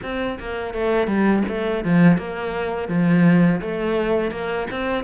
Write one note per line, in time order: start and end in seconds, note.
0.02 0.38 C4
0.39 0.74 A#3
0.74 1.07 A3
1.07 1.43 G3
1.48 1.84 A3
1.84 2.17 F3
2.17 2.88 A#3
2.88 3.60 F3
3.61 4.31 A3
4.31 4.67 A#3
4.70 5.04 C4